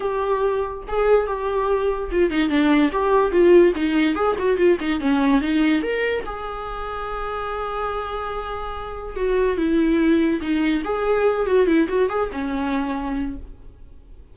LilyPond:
\new Staff \with { instrumentName = "viola" } { \time 4/4 \tempo 4 = 144 g'2 gis'4 g'4~ | g'4 f'8 dis'8 d'4 g'4 | f'4 dis'4 gis'8 fis'8 f'8 dis'8 | cis'4 dis'4 ais'4 gis'4~ |
gis'1~ | gis'2 fis'4 e'4~ | e'4 dis'4 gis'4. fis'8 | e'8 fis'8 gis'8 cis'2~ cis'8 | }